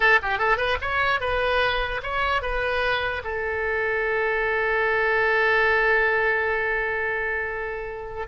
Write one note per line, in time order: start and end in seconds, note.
0.00 0.19 A4
0.22 0.38 G4
0.38 0.57 A4
0.57 0.77 B4
0.81 1.20 C#5
1.20 2.01 B4
2.02 2.42 C#5
2.42 3.22 B4
3.23 8.27 A4